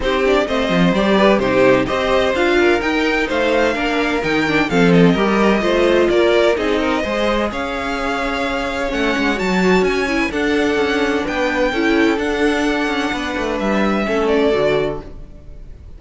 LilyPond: <<
  \new Staff \with { instrumentName = "violin" } { \time 4/4 \tempo 4 = 128 c''8 d''8 dis''4 d''4 c''4 | dis''4 f''4 g''4 f''4~ | f''4 g''4 f''8 dis''4.~ | dis''4 d''4 dis''2 |
f''2. fis''4 | a''4 gis''4 fis''2 | g''2 fis''2~ | fis''4 e''4. d''4. | }
  \new Staff \with { instrumentName = "violin" } { \time 4/4 g'4 c''4. b'8 g'4 | c''4. ais'4. c''4 | ais'2 a'4 ais'4 | c''4 ais'4 gis'8 ais'8 c''4 |
cis''1~ | cis''4.~ cis''16 b'16 a'2 | b'4 a'2. | b'2 a'2 | }
  \new Staff \with { instrumentName = "viola" } { \time 4/4 dis'8 d'8 c'4 g'4 dis'4 | g'4 f'4 dis'2 | d'4 dis'8 d'8 c'4 g'4 | f'2 dis'4 gis'4~ |
gis'2. cis'4 | fis'4. e'8 d'2~ | d'4 e'4 d'2~ | d'2 cis'4 fis'4 | }
  \new Staff \with { instrumentName = "cello" } { \time 4/4 c'4 a8 f8 g4 c4 | c'4 d'4 dis'4 a4 | ais4 dis4 f4 g4 | a4 ais4 c'4 gis4 |
cis'2. a8 gis8 | fis4 cis'4 d'4 cis'4 | b4 cis'4 d'4. cis'8 | b8 a8 g4 a4 d4 | }
>>